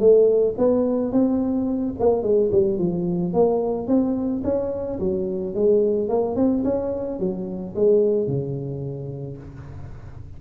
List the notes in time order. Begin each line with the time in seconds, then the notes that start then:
0.00 A3
0.58 B3
1.12 C4
2.00 A#3
2.23 G#3
2.52 G3
2.79 F3
3.34 A#3
3.88 C4
4.44 C#4
5.00 F#3
5.55 G#3
6.09 A#3
6.36 C4
6.65 C#4
7.20 F#3
7.76 G#3
8.28 C#3